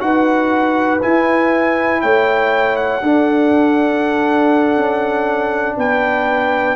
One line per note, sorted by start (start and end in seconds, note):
0.00 1.00 D#4
0.00 1.00 F#4
0.00 2.02 B4
0.00 1.01 F#5
1.02 3.02 E4
1.02 2.03 E4
1.02 2.02 G#5
2.02 3.02 A3
2.02 3.02 C#5
2.02 2.76 G5
2.76 5.76 F#5
3.02 4.77 D4
3.02 6.76 D4
3.02 5.77 A4
4.77 5.77 C#4
5.77 6.76 B3
5.77 6.76 B4
5.77 6.76 G5